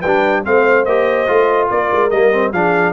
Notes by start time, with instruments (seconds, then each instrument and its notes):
0.00 tuba G3, horn B4, trumpet G5
0.07 trombone D4
0.44 tuba A3, trombone C4, horn C5, trumpet F5
0.85 tuba A#3, trombone G4, trumpet D#5
1.27 tuba A3, trombone F4
1.70 tuba A#3, horn A#4, trumpet D5
1.92 tuba G#3
2.10 tuba G3, trombone A#3, trumpet D#5
2.32 trombone C4
2.52 tuba F3, trombone D4, horn G#4, trumpet F5